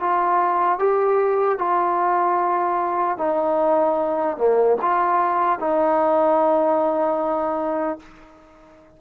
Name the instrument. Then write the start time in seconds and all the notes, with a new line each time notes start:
trombone
0.00 F4
0.79 G4
1.58 F4
3.17 D#4
4.37 A#3
4.81 F4
5.59 D#4